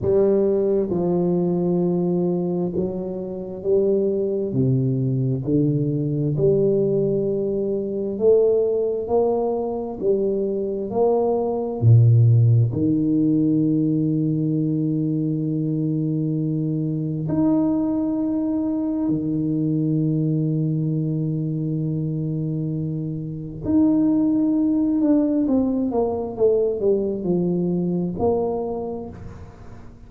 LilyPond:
\new Staff \with { instrumentName = "tuba" } { \time 4/4 \tempo 4 = 66 g4 f2 fis4 | g4 c4 d4 g4~ | g4 a4 ais4 g4 | ais4 ais,4 dis2~ |
dis2. dis'4~ | dis'4 dis2.~ | dis2 dis'4. d'8 | c'8 ais8 a8 g8 f4 ais4 | }